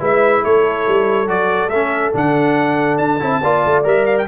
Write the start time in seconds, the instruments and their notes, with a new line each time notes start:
0.00 tuba G#3, trombone E4, horn B4, trumpet E5
0.45 tuba A3, horn A4, trumpet C#5
0.88 tuba G3
1.27 tuba F#3, trombone F#4, trumpet D5
1.68 tuba A3, trumpet E5
1.75 trombone C#4
2.14 tuba D3, trombone D4, trumpet F#5
2.98 tuba D4, trumpet A5
3.20 tuba C4, trombone E4
3.42 tuba A#3, trombone F4, horn D5
3.66 tuba A3
3.84 tuba G3, trombone A#4, trumpet E5
4.06 trumpet F5
4.18 trumpet G5